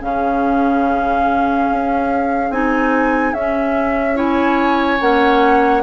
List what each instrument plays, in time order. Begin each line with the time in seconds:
0.00 bassoon C#3, clarinet C#4, oboe G#4, flute F5
1.70 bassoon C#4
2.50 bassoon C4, clarinet D#4, flute G#5
3.33 bassoon C#4, clarinet C#4, flute E5
4.15 clarinet E4, oboe C#5, flute G#5
5.00 bassoon A#3, clarinet C#4, flute F#5